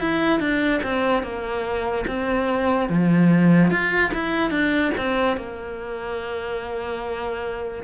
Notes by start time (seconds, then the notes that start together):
0.00 E4
0.39 D4
0.83 C4
1.23 A#3
2.07 C4
2.88 F3
3.70 F4
4.13 E4
4.50 D4
4.97 C4
5.36 A#3